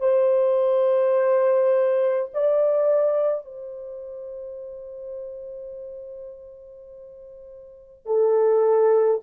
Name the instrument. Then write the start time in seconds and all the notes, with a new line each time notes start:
horn
0.00 C5
2.34 D5
3.45 C5
8.06 A4